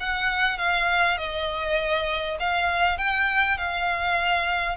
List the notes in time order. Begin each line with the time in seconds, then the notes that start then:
0.00 F#5
0.58 F5
1.17 D#5
2.39 F5
2.98 G5
3.58 F5